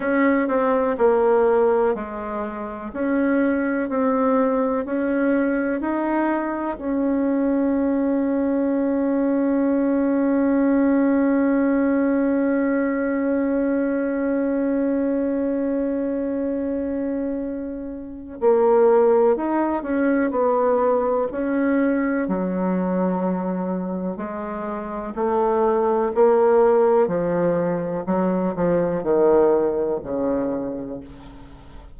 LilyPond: \new Staff \with { instrumentName = "bassoon" } { \time 4/4 \tempo 4 = 62 cis'8 c'8 ais4 gis4 cis'4 | c'4 cis'4 dis'4 cis'4~ | cis'1~ | cis'1~ |
cis'2. ais4 | dis'8 cis'8 b4 cis'4 fis4~ | fis4 gis4 a4 ais4 | f4 fis8 f8 dis4 cis4 | }